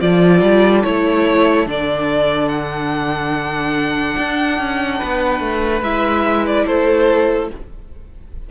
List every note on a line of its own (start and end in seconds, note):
0.00 0.41 F3
0.00 0.83 F4
0.00 4.99 A4
0.00 0.83 D5
0.41 0.83 G3
0.83 1.66 A3
0.83 1.66 E4
0.83 1.66 C#5
1.66 4.16 D3
1.66 5.83 D4
1.66 2.49 D5
2.49 5.82 F#5
4.18 4.58 D4
4.58 5.00 C#4
4.99 5.40 B3
4.99 6.65 B4
5.40 5.81 A3
5.81 6.65 G#3
5.81 7.50 E4
5.81 6.46 E5
6.47 6.66 D5
6.65 7.50 A3
6.65 7.49 A4
6.65 7.50 C5